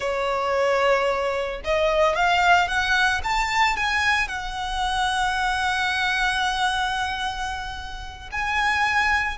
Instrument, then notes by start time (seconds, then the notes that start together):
violin
0.00 C#5
1.64 D#5
2.15 F5
2.67 F#5
3.23 A5
3.76 G#5
4.28 F#5
8.31 G#5